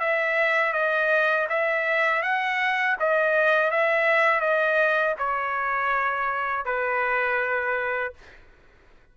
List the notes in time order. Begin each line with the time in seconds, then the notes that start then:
0.00 E5
0.73 D#5
1.49 E5
2.22 F#5
3.00 D#5
3.71 E5
4.41 D#5
5.19 C#5
6.65 B4